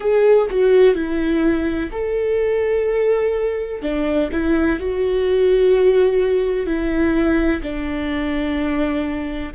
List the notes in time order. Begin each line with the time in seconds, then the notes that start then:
0.00 G#4
0.50 F#4
0.94 E4
1.91 A4
3.81 D4
4.32 E4
4.79 F#4
6.66 E4
7.62 D4